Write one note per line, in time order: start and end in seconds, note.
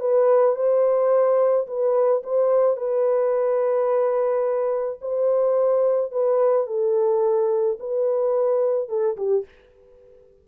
0.00 0.56 B4
0.56 1.67 C5
1.67 2.22 B4
2.23 2.77 C5
2.77 4.99 B4
5.02 6.12 C5
6.12 6.67 B4
6.67 7.78 A4
7.80 8.89 B4
8.89 9.16 A4
9.17 9.45 G4